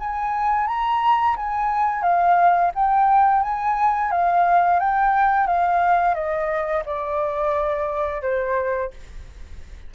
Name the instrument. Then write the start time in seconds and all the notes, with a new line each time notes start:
flute
0.00 G#5
0.67 A#5
1.36 G#5
2.03 F5
2.75 G5
3.42 G#5
4.11 F5
4.80 G5
5.47 F5
6.14 D#5
6.86 D5
8.22 C5